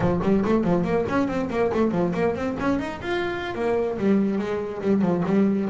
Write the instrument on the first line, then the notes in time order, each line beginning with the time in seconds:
double bass
0.00 F3
0.22 G3
0.45 A3
0.64 F3
0.84 A#3
1.08 C#4
1.27 C4
1.50 A#3
1.73 A3
1.91 F3
2.13 A#3
2.35 C4
2.59 C#4
2.79 D#4
3.01 F4
3.54 A#3
3.97 G3
4.38 G#3
4.81 G3
5.01 F3
5.25 G3